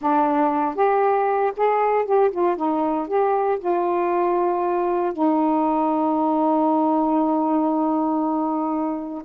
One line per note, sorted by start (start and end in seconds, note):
0.01 0.75 D4
0.75 1.52 G4
1.56 2.05 G#4
2.05 2.31 G4
2.31 2.56 F4
2.56 3.07 D#4
3.07 3.58 G4
3.59 5.12 F4
5.12 9.23 D#4